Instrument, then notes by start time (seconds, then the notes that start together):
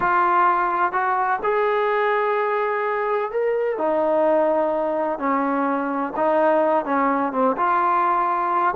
trombone
0.00 F4
0.92 F#4
1.43 G#4
3.31 A#4
3.78 D#4
5.18 C#4
6.16 D#4
6.85 C#4
7.32 C4
7.56 F4